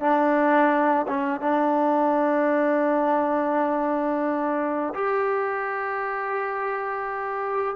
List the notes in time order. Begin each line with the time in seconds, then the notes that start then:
0.00 D4
1.07 C#4
1.40 D4
4.94 G4